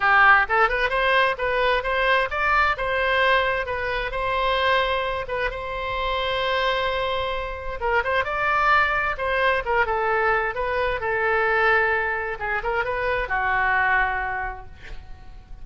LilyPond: \new Staff \with { instrumentName = "oboe" } { \time 4/4 \tempo 4 = 131 g'4 a'8 b'8 c''4 b'4 | c''4 d''4 c''2 | b'4 c''2~ c''8 b'8 | c''1~ |
c''4 ais'8 c''8 d''2 | c''4 ais'8 a'4. b'4 | a'2. gis'8 ais'8 | b'4 fis'2. | }